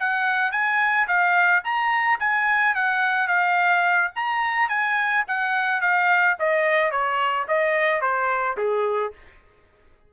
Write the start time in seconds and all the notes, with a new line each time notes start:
0.00 F#5
0.52 G#5
1.08 F5
1.64 A#5
2.20 G#5
2.75 F#5
3.28 F5
4.16 A#5
4.69 G#5
5.28 F#5
5.81 F5
6.39 D#5
6.91 C#5
7.48 D#5
8.01 C5
8.58 G#4